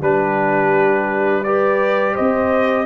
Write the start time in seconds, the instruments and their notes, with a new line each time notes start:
0.00 tuba G3, trombone D4, horn G4, trumpet B4
1.43 trombone G4, horn B4, trumpet D5
2.13 tuba C4, horn C5, trumpet D#5